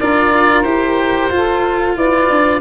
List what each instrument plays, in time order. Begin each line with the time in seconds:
0.00 tuba D4, cello F4, saxophone A#4, oboe D5
0.62 tuba E4, cello G4, oboe C5
1.31 tuba F4, cello F4, saxophone A4
1.96 tuba E4, saxophone B4, oboe D5
2.30 tuba D4